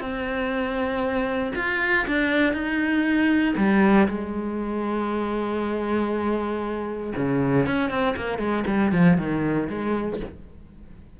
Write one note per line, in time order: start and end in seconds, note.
0.00 1.53 C4
1.55 2.06 F4
2.07 2.53 D4
2.53 3.55 D#4
3.57 4.07 G3
4.08 7.13 G#3
7.16 7.66 C#3
7.66 7.90 C#4
7.90 8.15 C4
8.16 8.38 A#3
8.38 8.64 G#3
8.66 8.92 G3
8.92 9.17 F3
9.17 9.68 D#3
9.69 10.20 G#3